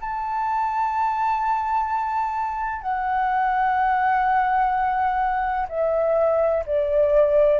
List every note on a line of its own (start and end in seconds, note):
0.00 2.81 A5
2.81 5.67 F#5
5.69 6.64 E5
6.66 7.60 D5